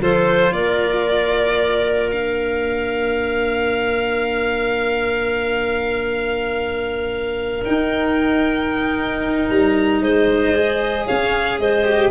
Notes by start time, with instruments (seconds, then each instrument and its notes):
0.00 tuba F3, cello F4, clarinet A4, violin C5
0.51 tuba A#3, clarinet A#4, violin D5
2.11 cello D4, violin F5
7.65 cello D#4, tuba D#4, violin G5
9.49 tuba G3, violin A#5
10.01 tuba G#3, clarinet C5, violin D#5
10.55 cello G#4
11.06 tuba C#4, clarinet C#5, violin F5
11.59 tuba G#3, clarinet C5, violin D#5
11.84 cello G4